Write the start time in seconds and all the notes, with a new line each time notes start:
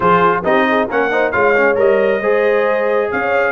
0.00 F3 F4 G#4 C5
0.44 C4 D#4 G4 D#5
0.69 G#4
0.87 A#3 C#4 A#4 F#5
1.11 D#4 C5
1.31 G#3 F4 C#5 F5
1.56 C#4
1.75 G3 A#4 D#5
2.20 G#3 G#4 C5
3.11 C#4 C#5 F5